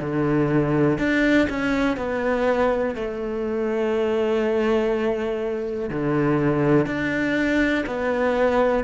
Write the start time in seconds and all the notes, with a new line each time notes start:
0.00 D3
0.98 D4
1.49 C#4
1.97 B3
2.95 A3
5.90 D3
6.86 D4
7.86 B3